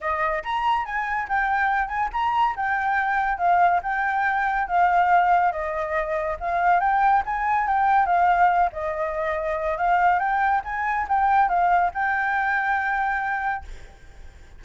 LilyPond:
\new Staff \with { instrumentName = "flute" } { \time 4/4 \tempo 4 = 141 dis''4 ais''4 gis''4 g''4~ | g''8 gis''8 ais''4 g''2 | f''4 g''2 f''4~ | f''4 dis''2 f''4 |
g''4 gis''4 g''4 f''4~ | f''8 dis''2~ dis''8 f''4 | g''4 gis''4 g''4 f''4 | g''1 | }